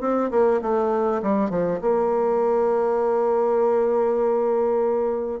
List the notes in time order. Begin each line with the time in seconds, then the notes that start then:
0.00 C4
0.30 A#3
0.61 A3
1.22 G3
1.49 F3
1.81 A#3